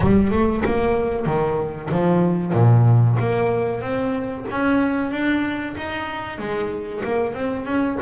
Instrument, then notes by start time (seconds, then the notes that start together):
double bass
0.00 G3
0.30 A3
0.64 A#3
1.26 D#3
1.91 F3
2.53 A#2
3.19 A#3
3.81 C4
4.50 C#4
5.11 D4
5.77 D#4
6.38 G#3
7.04 A#3
7.33 C4
7.65 C#4